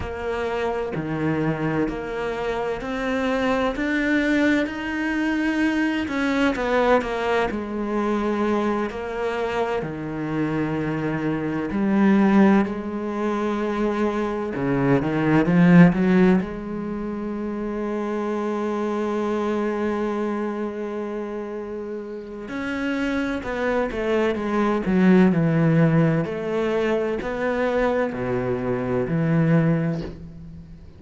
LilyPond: \new Staff \with { instrumentName = "cello" } { \time 4/4 \tempo 4 = 64 ais4 dis4 ais4 c'4 | d'4 dis'4. cis'8 b8 ais8 | gis4. ais4 dis4.~ | dis8 g4 gis2 cis8 |
dis8 f8 fis8 gis2~ gis8~ | gis1 | cis'4 b8 a8 gis8 fis8 e4 | a4 b4 b,4 e4 | }